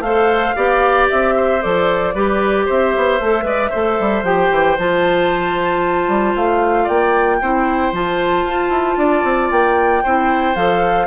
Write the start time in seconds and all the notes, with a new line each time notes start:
0.00 A3 A4 C5 F5
0.56 B3 G4 D5
1.10 C4 E5
1.36 C5
1.61 F3 A4 D5
2.14 G3 G4 B4
2.65 C4 C5 E5
2.96 B3
3.20 A3 A4
3.43 G#3 B4 D5
3.70 A3 A4 C5
3.99 G3
4.23 F3 G4 G5
4.51 E3
4.78 F3 F4 A5
6.08 G3
6.35 A3 F5
6.83 A#3 D5 G5
7.41 C4 E4 C5
7.92 F3 F4 A5
8.44 F4
8.69 E4
8.97 D4 D5
9.24 C4
9.51 A#3 G5
10.03 C4 E4 C5
10.55 F3 A4 F5